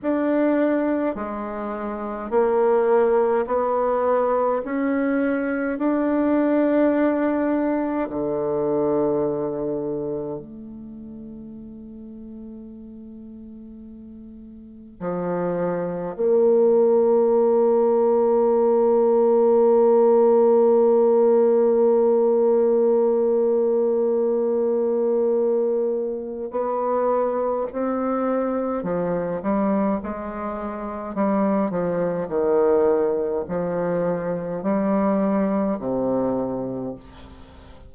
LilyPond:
\new Staff \with { instrumentName = "bassoon" } { \time 4/4 \tempo 4 = 52 d'4 gis4 ais4 b4 | cis'4 d'2 d4~ | d4 a2.~ | a4 f4 ais2~ |
ais1~ | ais2. b4 | c'4 f8 g8 gis4 g8 f8 | dis4 f4 g4 c4 | }